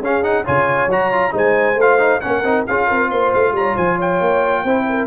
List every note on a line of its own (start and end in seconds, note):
0.00 0.44 C#4
0.00 0.23 C#4
0.00 0.44 G#4
0.00 0.24 F5
0.23 0.45 D#4
0.23 0.46 F#5
0.44 0.86 C#3
0.44 0.89 F4
0.44 1.33 C#5
0.44 0.91 G#5
0.86 1.31 F#3
0.86 1.12 F#4
0.86 1.35 A#5
1.12 1.31 F4
1.31 1.75 G#3
1.31 1.75 D#4
1.31 2.22 C5
1.37 1.80 G#5
1.75 2.19 A3
1.75 1.99 F4
1.75 2.20 F5
1.99 2.21 D#4
2.20 2.43 A#3
2.20 2.44 C#4
2.20 2.68 A#4
2.20 2.64 F#5
2.43 2.65 C4
2.43 2.66 D#4
2.67 2.90 C#4
2.67 4.67 F4
2.67 2.87 G#4
2.67 3.11 F5
2.87 3.11 C4
2.87 3.09 A#4
3.10 3.33 A#3
3.10 3.54 C5
3.10 3.33 C6
3.34 3.52 A3
3.34 3.56 F5
3.52 3.74 G3
3.52 3.76 C#5
3.52 3.77 A#5
3.76 4.20 F3
3.76 3.96 C5
3.76 3.99 G#5
3.96 4.63 C#5
3.96 5.07 G5
4.20 4.64 A#3
4.64 5.07 C4
4.64 5.07 E4
4.64 4.86 C5
4.89 5.07 A#4